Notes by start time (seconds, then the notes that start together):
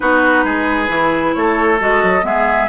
0.00 B3 D#4 F#4 B4
0.43 G#3 G#4
0.88 E3 E4
1.34 A3 A4 C#5
1.79 G#3 F#4 D#5
2.03 F#3
2.22 G#3 B3 G#4 E5